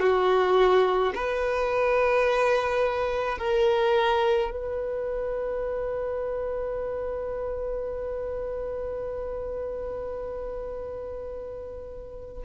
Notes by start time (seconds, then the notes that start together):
0.00 F#4
1.15 B4
3.38 A#4
4.51 B4